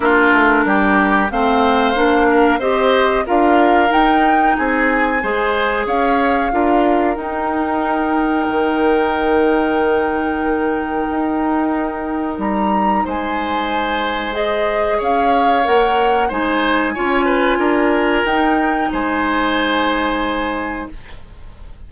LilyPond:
<<
  \new Staff \with { instrumentName = "flute" } { \time 4/4 \tempo 4 = 92 ais'2 f''2 | dis''4 f''4 g''4 gis''4~ | gis''4 f''2 g''4~ | g''1~ |
g''2. ais''4 | gis''2 dis''4 f''4 | fis''4 gis''2. | g''4 gis''2. | }
  \new Staff \with { instrumentName = "oboe" } { \time 4/4 f'4 g'4 c''4. ais'8 | c''4 ais'2 gis'4 | c''4 cis''4 ais'2~ | ais'1~ |
ais'1 | c''2. cis''4~ | cis''4 c''4 cis''8 b'8 ais'4~ | ais'4 c''2. | }
  \new Staff \with { instrumentName = "clarinet" } { \time 4/4 d'2 c'4 d'4 | g'4 f'4 dis'2 | gis'2 f'4 dis'4~ | dis'1~ |
dis'1~ | dis'2 gis'2 | ais'4 dis'4 f'2 | dis'1 | }
  \new Staff \with { instrumentName = "bassoon" } { \time 4/4 ais8 a8 g4 a4 ais4 | c'4 d'4 dis'4 c'4 | gis4 cis'4 d'4 dis'4~ | dis'4 dis2.~ |
dis4 dis'2 g4 | gis2. cis'4 | ais4 gis4 cis'4 d'4 | dis'4 gis2. | }
>>